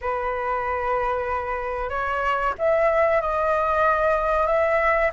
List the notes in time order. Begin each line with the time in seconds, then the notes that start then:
0.01 B4
1.89 C#5
2.58 E5
3.21 D#5
4.47 E5